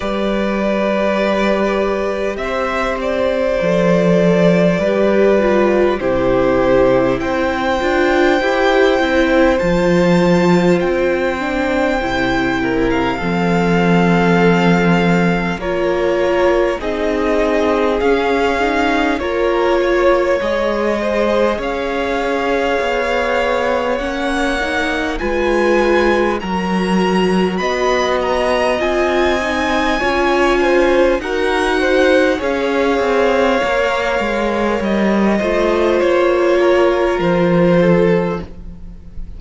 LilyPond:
<<
  \new Staff \with { instrumentName = "violin" } { \time 4/4 \tempo 4 = 50 d''2 e''8 d''4.~ | d''4 c''4 g''2 | a''4 g''4.~ g''16 f''4~ f''16~ | f''4 cis''4 dis''4 f''4 |
cis''4 dis''4 f''2 | fis''4 gis''4 ais''4 b''8 ais''8 | gis''2 fis''4 f''4~ | f''4 dis''4 cis''4 c''4 | }
  \new Staff \with { instrumentName = "violin" } { \time 4/4 b'2 c''2 | b'4 g'4 c''2~ | c''2~ c''8 ais'8 a'4~ | a'4 ais'4 gis'2 |
ais'8 cis''4 c''8 cis''2~ | cis''4 b'4 ais'4 dis''4~ | dis''4 cis''8 c''8 ais'8 c''8 cis''4~ | cis''4. c''4 ais'4 a'8 | }
  \new Staff \with { instrumentName = "viola" } { \time 4/4 g'2. a'4 | g'8 f'8 e'4. f'8 g'8 e'8 | f'4. d'8 e'4 c'4~ | c'4 f'4 dis'4 cis'8 dis'8 |
f'4 gis'2. | cis'8 dis'8 f'4 fis'2 | f'8 dis'8 f'4 fis'4 gis'4 | ais'4. f'2~ f'8 | }
  \new Staff \with { instrumentName = "cello" } { \time 4/4 g2 c'4 f4 | g4 c4 c'8 d'8 e'8 c'8 | f4 c'4 c4 f4~ | f4 ais4 c'4 cis'4 |
ais4 gis4 cis'4 b4 | ais4 gis4 fis4 b4 | c'4 cis'4 dis'4 cis'8 c'8 | ais8 gis8 g8 a8 ais4 f4 | }
>>